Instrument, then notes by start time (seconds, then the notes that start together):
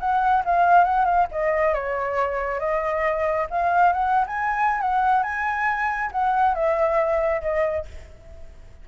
flute
0.00 F#5
0.45 F5
0.84 F#5
1.05 F5
1.32 D#5
1.74 C#5
2.60 D#5
3.51 F5
3.93 F#5
4.27 G#5
4.81 F#5
5.23 G#5
6.12 F#5
6.55 E5
7.42 D#5